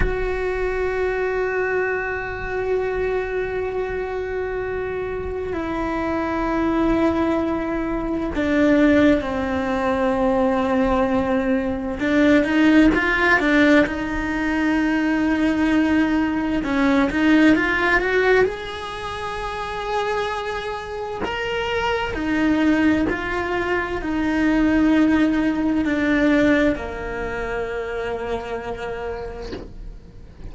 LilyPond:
\new Staff \with { instrumentName = "cello" } { \time 4/4 \tempo 4 = 65 fis'1~ | fis'2 e'2~ | e'4 d'4 c'2~ | c'4 d'8 dis'8 f'8 d'8 dis'4~ |
dis'2 cis'8 dis'8 f'8 fis'8 | gis'2. ais'4 | dis'4 f'4 dis'2 | d'4 ais2. | }